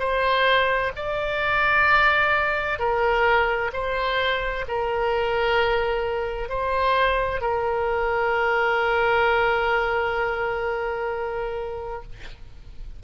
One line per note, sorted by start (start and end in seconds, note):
0.00 0.92 C5
0.97 2.79 D5
2.79 3.72 A#4
3.73 4.66 C5
4.68 6.50 A#4
6.50 7.41 C5
7.41 12.03 A#4